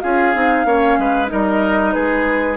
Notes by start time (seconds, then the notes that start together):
0.00 C#4 F4 G#4 F5
0.34 C4 D#4
0.65 A#3 C#4 C#5
0.98 G#3 B4
1.27 G3 D#4 A#4 D#5
1.92 G#3 G#4 B4